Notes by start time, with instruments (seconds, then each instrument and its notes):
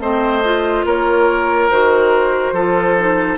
0.00 bassoon A3, clarinet C4, oboe C5, flute D#5
0.45 clarinet F4
0.86 bassoon A#3, oboe A#4, flute C#5
1.71 bassoon D#3, clarinet F#4, flute C5
2.53 bassoon F3, clarinet F4, oboe A4
2.99 clarinet D#4